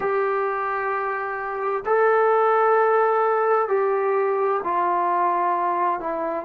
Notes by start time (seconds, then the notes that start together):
0.00 G4
1.85 A4
3.68 G4
4.63 F4
6.00 E4